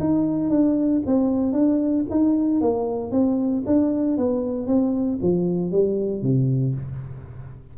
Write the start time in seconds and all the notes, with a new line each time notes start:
0.00 D#4
0.50 D4
1.07 C4
1.53 D4
2.11 D#4
2.61 A#3
3.12 C4
3.67 D4
4.18 B3
4.67 C4
5.22 F3
5.72 G3
6.23 C3